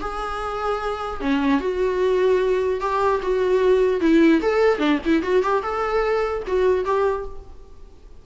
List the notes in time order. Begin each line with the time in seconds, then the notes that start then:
0.00 G#4
1.20 C#4
1.60 F#4
2.80 G4
3.22 F#4
4.00 E4
4.41 A4
4.78 D4
5.05 E4
5.22 F#4
5.43 G4
5.62 A4
6.46 F#4
6.85 G4